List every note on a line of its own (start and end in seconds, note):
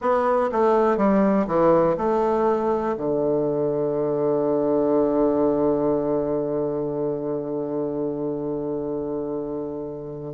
0.00 0.50 B3
0.51 0.97 A3
0.97 1.46 G3
1.47 1.96 E3
1.97 2.95 A3
2.97 10.34 D3